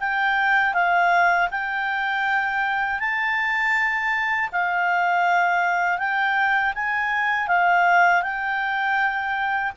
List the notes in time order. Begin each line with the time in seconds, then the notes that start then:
0.00 G5
0.74 F5
1.51 G5
3.00 A5
4.52 F5
5.99 G5
6.75 G#5
7.48 F5
8.23 G5